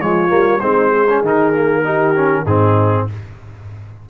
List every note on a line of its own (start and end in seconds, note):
0.00 0.31 F3
0.00 0.28 G#3
0.00 0.61 F4
0.00 0.60 C#5
0.28 0.62 G3
0.28 0.59 A#3
0.60 1.21 G#3
0.60 1.07 C4
0.60 0.89 D#4
0.60 1.21 C5
0.89 1.81 G#4
1.09 1.24 C#4
1.21 2.44 D#3
1.21 1.53 D#4
1.21 2.46 A#4
1.53 1.84 A#3
1.84 2.14 D#4
1.84 2.42 G4
2.15 2.46 C#4
2.42 3.06 G#2
2.42 3.09 C4
2.42 3.04 D#4
2.42 3.07 G#4